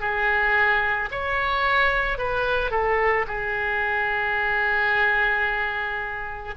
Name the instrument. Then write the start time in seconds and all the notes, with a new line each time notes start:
oboe
0.00 G#4
1.11 C#5
2.18 B4
2.71 A4
3.27 G#4